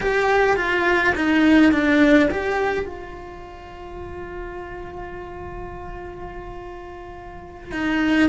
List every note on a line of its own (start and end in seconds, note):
0.01 0.56 G4
0.56 1.13 F4
1.15 1.72 D#4
1.72 2.29 D4
2.30 2.85 G4
2.85 7.71 F4
7.71 8.28 D#4